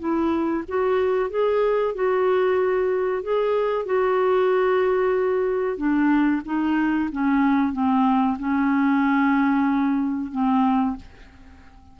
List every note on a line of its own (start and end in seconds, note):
0.00 0.65 E4
0.68 1.30 F#4
1.30 1.95 G#4
1.95 3.23 F#4
3.23 3.86 G#4
3.86 5.78 F#4
5.78 6.42 D4
6.45 7.10 D#4
7.12 7.73 C#4
7.73 8.38 C4
8.39 10.32 C#4
10.32 10.96 C4